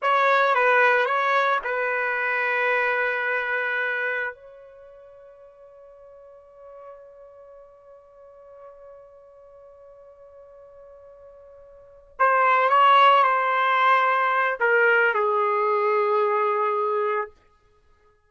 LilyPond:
\new Staff \with { instrumentName = "trumpet" } { \time 4/4 \tempo 4 = 111 cis''4 b'4 cis''4 b'4~ | b'1 | cis''1~ | cis''1~ |
cis''1~ | cis''2~ cis''8 c''4 cis''8~ | cis''8 c''2~ c''8 ais'4 | gis'1 | }